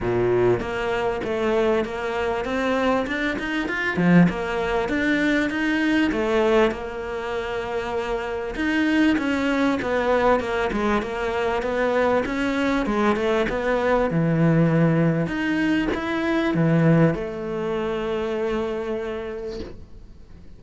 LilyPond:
\new Staff \with { instrumentName = "cello" } { \time 4/4 \tempo 4 = 98 ais,4 ais4 a4 ais4 | c'4 d'8 dis'8 f'8 f8 ais4 | d'4 dis'4 a4 ais4~ | ais2 dis'4 cis'4 |
b4 ais8 gis8 ais4 b4 | cis'4 gis8 a8 b4 e4~ | e4 dis'4 e'4 e4 | a1 | }